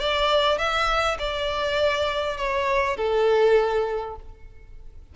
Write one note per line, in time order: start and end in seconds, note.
0.00 0.59 D5
0.59 1.18 E5
1.19 2.38 D5
2.38 2.97 C#5
2.97 4.16 A4